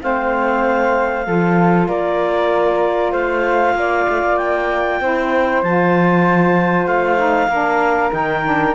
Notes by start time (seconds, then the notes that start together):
0.00 A3 C4 C5 F5
1.27 F3 F4 A4
1.88 A#3 A#4 D5
3.12 A3 C5 F5
3.75 A#3 D5
4.09 A3
4.23 A#3
4.38 G5
5.01 C4 E4 C5
5.63 F3 F4 A5
6.86 A3 F5
7.18 D#4
7.48 A#3 D4 A#4
8.11 D#3 D#4 G5
8.44 D4